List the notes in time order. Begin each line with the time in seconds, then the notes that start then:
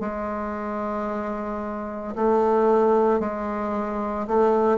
0.00 G#3
2.15 A3
3.19 G#3
4.27 A3